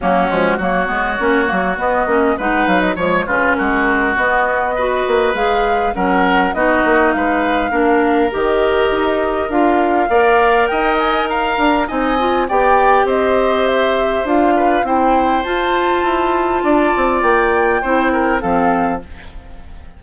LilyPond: <<
  \new Staff \with { instrumentName = "flute" } { \time 4/4 \tempo 4 = 101 fis'4 cis''2 dis''4 | fis''8 f''16 dis''16 cis''8 b'8 ais'4 dis''4~ | dis''4 f''4 fis''4 dis''4 | f''2 dis''2 |
f''2 g''8 gis''8 ais''4 | gis''4 g''4 dis''4 e''4 | f''4 g''4 a''2~ | a''4 g''2 f''4 | }
  \new Staff \with { instrumentName = "oboe" } { \time 4/4 cis'4 fis'2. | b'4 cis''8 f'8 fis'2 | b'2 ais'4 fis'4 | b'4 ais'2.~ |
ais'4 d''4 dis''4 f''4 | dis''4 d''4 c''2~ | c''8 b'8 c''2. | d''2 c''8 ais'8 a'4 | }
  \new Staff \with { instrumentName = "clarinet" } { \time 4/4 ais8 gis8 ais8 b8 cis'8 ais8 b8 cis'8 | dis'4 gis8 cis'4. b4 | fis'4 gis'4 cis'4 dis'4~ | dis'4 d'4 g'2 |
f'4 ais'2. | dis'8 f'8 g'2. | f'4 e'4 f'2~ | f'2 e'4 c'4 | }
  \new Staff \with { instrumentName = "bassoon" } { \time 4/4 fis8 f8 fis8 gis8 ais8 fis8 b8 ais8 | gis8 fis8 f8 cis8 gis4 b4~ | b8 ais8 gis4 fis4 b8 ais8 | gis4 ais4 dis4 dis'4 |
d'4 ais4 dis'4. d'8 | c'4 b4 c'2 | d'4 c'4 f'4 e'4 | d'8 c'8 ais4 c'4 f4 | }
>>